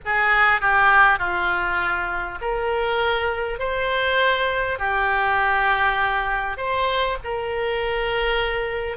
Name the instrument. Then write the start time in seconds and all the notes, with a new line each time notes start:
oboe
0.05 G#4
0.61 G4
1.18 F4
2.41 A#4
3.59 C5
4.78 G4
6.57 C5
7.24 A#4